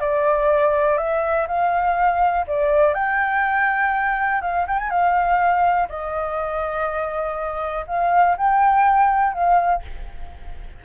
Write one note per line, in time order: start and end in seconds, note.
0.00 0.98 D5
0.98 1.47 E5
1.48 2.46 F5
2.47 2.94 D5
2.94 4.42 G5
4.42 4.66 F5
4.67 4.78 G5
4.78 4.90 G#5
4.90 5.88 F5
5.89 7.86 D#5
7.87 8.37 F5
8.37 9.33 G5
9.33 9.82 F5